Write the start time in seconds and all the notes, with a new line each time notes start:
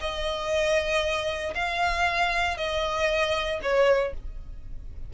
0.00 D#5
1.55 F5
2.57 D#5
3.62 C#5